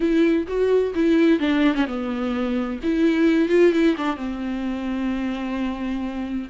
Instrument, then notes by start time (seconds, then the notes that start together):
viola
0.00 E4
0.47 F#4
0.95 E4
1.39 D4
1.74 C#4
1.86 B3
2.83 E4
3.49 F4
3.72 E4
3.97 D4
4.16 C4